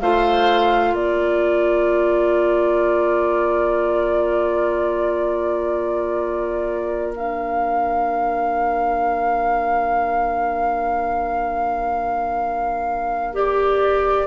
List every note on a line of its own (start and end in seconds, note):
0.00 0.93 A3
0.00 7.15 F4
0.00 0.93 C5
0.00 0.94 F5
0.93 14.26 A#3
0.93 14.26 A#4
0.93 7.13 D5
7.15 13.33 D4
7.15 13.35 F5
13.33 14.26 G4
13.33 14.26 D5